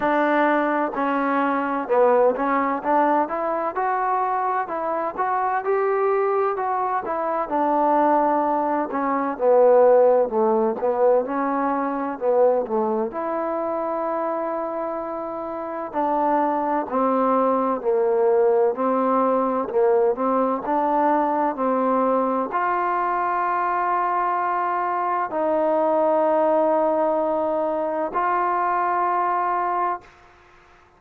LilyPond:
\new Staff \with { instrumentName = "trombone" } { \time 4/4 \tempo 4 = 64 d'4 cis'4 b8 cis'8 d'8 e'8 | fis'4 e'8 fis'8 g'4 fis'8 e'8 | d'4. cis'8 b4 a8 b8 | cis'4 b8 a8 e'2~ |
e'4 d'4 c'4 ais4 | c'4 ais8 c'8 d'4 c'4 | f'2. dis'4~ | dis'2 f'2 | }